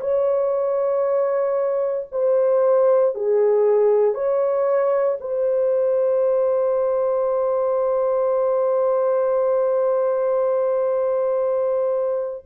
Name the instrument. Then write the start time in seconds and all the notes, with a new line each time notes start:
horn
0.00 C#5
2.12 C5
3.15 G#4
4.14 C#5
5.20 C5